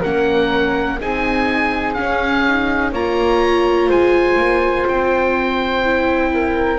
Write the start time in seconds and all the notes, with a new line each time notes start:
0.00 A#3 C#4 A#4 F#5
1.00 C4 D#4 G#4 G#5
1.94 C#4 F5
2.49 D#4
2.92 A#3 F4 C#5 A#5
3.88 G#3 C5 G#5
4.37 A#3
4.88 C4 G5
5.85 E4
6.33 A#4